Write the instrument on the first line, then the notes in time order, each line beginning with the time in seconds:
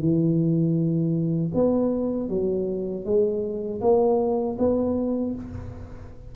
tuba
0.00 E3
1.54 B3
2.29 F#3
3.05 G#3
3.81 A#3
4.59 B3